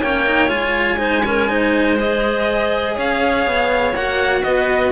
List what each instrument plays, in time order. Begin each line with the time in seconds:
0.00 cello A#3 C#4, clarinet C#5, violin G5
0.26 cello D#4
0.48 cello G#3 F4, violin G#5
0.98 cello D#4, clarinet C5
1.25 cello C#4, clarinet A#4
1.48 cello D#4, clarinet C5
1.97 cello G#4, violin D#5
2.95 cello C#4, clarinet C#5, violin F5
3.46 cello B3
3.93 cello A#3 F#4, violin F#5
4.43 cello B3, clarinet B4, violin D#5